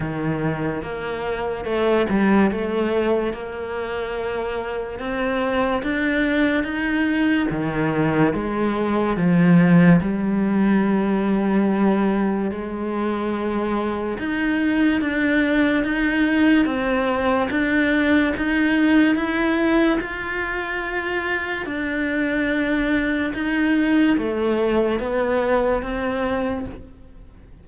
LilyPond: \new Staff \with { instrumentName = "cello" } { \time 4/4 \tempo 4 = 72 dis4 ais4 a8 g8 a4 | ais2 c'4 d'4 | dis'4 dis4 gis4 f4 | g2. gis4~ |
gis4 dis'4 d'4 dis'4 | c'4 d'4 dis'4 e'4 | f'2 d'2 | dis'4 a4 b4 c'4 | }